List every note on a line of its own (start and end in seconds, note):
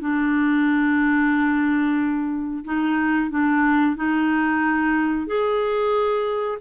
0.00 2.64 D4
2.64 3.30 D#4
3.30 3.96 D4
3.96 5.27 D#4
5.27 6.58 G#4